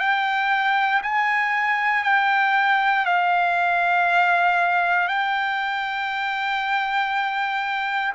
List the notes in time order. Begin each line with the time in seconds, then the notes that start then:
0.00 G5
1.03 G#5
2.04 G5
3.06 F5
5.08 G5